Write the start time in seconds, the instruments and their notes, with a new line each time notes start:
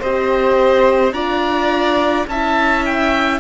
0.00 cello C4, horn G4, violin C5, oboe D#5
1.12 cello D4, horn F4, violin D5, oboe A#5
2.27 cello C#4, horn E4, violin E5, oboe A5
2.85 oboe G5